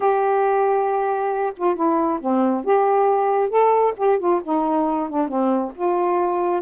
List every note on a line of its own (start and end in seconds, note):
0.00 1.53 G4
1.56 1.75 F4
1.75 2.19 E4
2.21 2.64 C4
2.64 3.49 G4
3.49 3.93 A4
3.96 4.19 G4
4.19 4.41 F4
4.43 5.09 D#4
5.09 5.28 D4
5.28 5.72 C4
5.75 6.61 F4